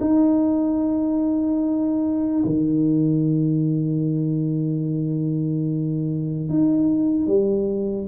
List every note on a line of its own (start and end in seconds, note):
0.00 2.43 D#4
2.45 6.49 D#3
6.49 7.27 D#4
7.27 8.07 G3